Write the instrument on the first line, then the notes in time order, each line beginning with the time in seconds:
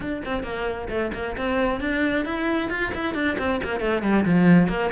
cello
0.00 D4
0.25 C4
0.43 A#3
0.89 A3
1.13 A#3
1.37 C4
1.80 D4
2.25 E4
2.70 F4
2.94 E4
3.14 D4
3.38 C4
3.63 A#3
3.80 A3
4.02 G3
4.25 F3
4.68 A#3